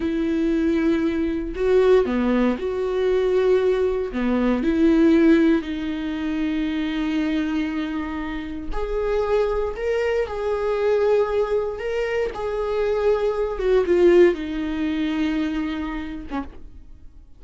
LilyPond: \new Staff \with { instrumentName = "viola" } { \time 4/4 \tempo 4 = 117 e'2. fis'4 | b4 fis'2. | b4 e'2 dis'4~ | dis'1~ |
dis'4 gis'2 ais'4 | gis'2. ais'4 | gis'2~ gis'8 fis'8 f'4 | dis'2.~ dis'8. cis'16 | }